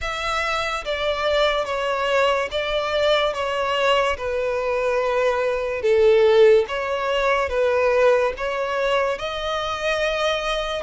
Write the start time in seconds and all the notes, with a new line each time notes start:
0.01 E5
0.84 D5
1.65 C#5
2.51 D5
3.33 C#5
4.17 B4
5.81 A4
6.68 C#5
7.49 B4
8.37 C#5
9.18 D#5